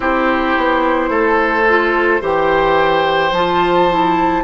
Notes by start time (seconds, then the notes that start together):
0.00 C4 E4 G4 C5
0.57 B3
1.09 A3 A4
1.69 F4
2.20 E3 G4 C5 G5
3.31 F3 F4 A5
3.89 E4